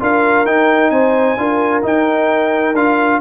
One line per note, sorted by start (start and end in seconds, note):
0.00 0.45 D4
0.00 0.46 F4
0.00 0.92 A#4
0.00 0.46 F5
0.45 0.90 D#4
0.45 1.37 D#4
0.45 0.90 G5
0.90 1.36 C4
0.90 1.38 C5
0.90 1.82 G#5
1.37 1.83 D4
1.37 1.82 F4
1.37 3.20 A#4
1.82 2.74 D#4
1.82 2.75 G5
2.74 3.20 D4
2.74 3.20 F4
2.74 3.20 F5